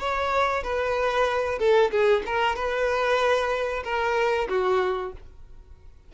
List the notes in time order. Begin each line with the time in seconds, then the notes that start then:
0.00 C#5
0.63 B4
1.59 A4
1.91 G#4
2.26 A#4
2.56 B4
3.84 A#4
4.49 F#4